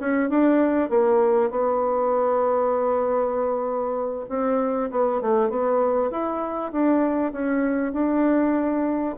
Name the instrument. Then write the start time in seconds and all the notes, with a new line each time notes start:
bassoon
0.00 C#4
0.29 D4
0.90 A#3
1.50 B3
4.29 C4
4.91 B3
5.22 A3
5.50 B3
6.11 E4
6.72 D4
7.32 C#4
7.93 D4